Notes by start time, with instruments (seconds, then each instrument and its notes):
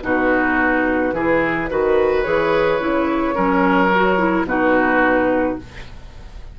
0.00 bassoon B2, clarinet D#4, oboe F#4, flute B4
1.13 bassoon E3, clarinet E4, oboe G#4
1.70 bassoon D#3, clarinet F#4, oboe B4
2.22 bassoon E3, clarinet G#4, flute C#5
2.80 bassoon C#3, clarinet E4
3.33 bassoon F#3, clarinet C#4, oboe A#4
3.95 clarinet F#4
4.18 clarinet E4
4.44 bassoon B2, clarinet D#4, oboe F#4, flute B4